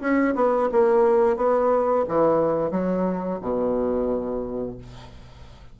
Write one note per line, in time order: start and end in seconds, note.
0.00 0.34 C#4
0.35 0.69 B3
0.72 1.36 A#3
1.36 2.05 B3
2.08 2.71 E3
2.71 3.39 F#3
3.41 4.78 B2